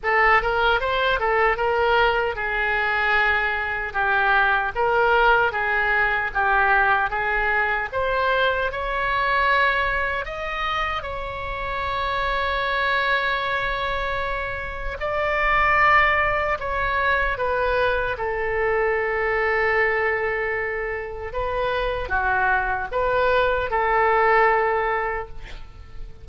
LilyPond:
\new Staff \with { instrumentName = "oboe" } { \time 4/4 \tempo 4 = 76 a'8 ais'8 c''8 a'8 ais'4 gis'4~ | gis'4 g'4 ais'4 gis'4 | g'4 gis'4 c''4 cis''4~ | cis''4 dis''4 cis''2~ |
cis''2. d''4~ | d''4 cis''4 b'4 a'4~ | a'2. b'4 | fis'4 b'4 a'2 | }